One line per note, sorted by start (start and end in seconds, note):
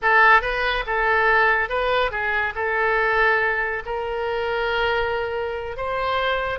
0.02 0.41 A4
0.41 0.84 B4
0.86 1.69 A4
1.69 2.11 B4
2.11 2.53 G#4
2.55 3.83 A4
3.85 5.76 A#4
5.76 6.59 C5